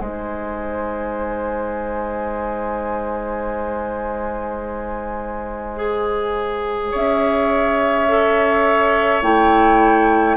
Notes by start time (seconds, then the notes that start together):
0.00 G#3 D#4 C5 G#5
5.76 G#4
6.91 C#4 C#5 E5
8.08 A4
9.22 A3 E4 G5